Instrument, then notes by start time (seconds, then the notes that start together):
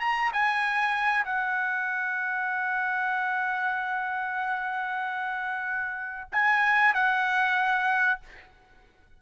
trumpet
0.00 A#5
0.33 G#5
1.25 F#5
6.32 G#5
6.94 F#5